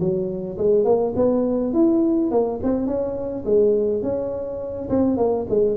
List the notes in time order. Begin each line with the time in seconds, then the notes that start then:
0.00 F#3
0.58 G#3
0.85 A#3
1.16 B3
1.74 E4
2.31 A#3
2.63 C4
2.87 C#4
3.45 G#3
4.03 C#4
4.90 C4
5.17 A#3
5.49 G#3